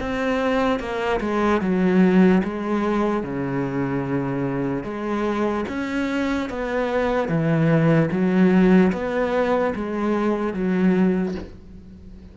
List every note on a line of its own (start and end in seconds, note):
0.00 0.79 C4
0.79 1.20 A#3
1.20 1.61 G#3
1.61 2.42 F#3
2.43 3.23 G#3
3.23 4.84 C#3
4.84 5.65 G#3
5.68 6.49 C#4
6.49 7.28 B3
7.28 8.09 E3
8.11 8.92 F#3
8.92 9.73 B3
9.75 10.54 G#3
10.54 11.35 F#3